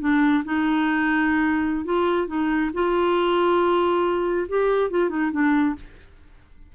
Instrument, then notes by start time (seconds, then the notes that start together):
clarinet
0.00 D4
0.44 D#4
1.84 F4
2.27 D#4
2.73 F4
4.48 G4
4.90 F4
5.09 D#4
5.32 D4